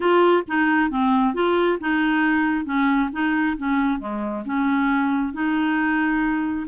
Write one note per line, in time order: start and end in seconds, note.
0.00 0.43 F4
0.47 0.90 D#4
0.90 1.34 C4
1.34 1.78 F4
1.80 2.65 D#4
2.65 3.09 C#4
3.12 3.56 D#4
3.57 3.99 C#4
3.99 4.43 G#3
4.45 5.33 C#4
5.33 6.66 D#4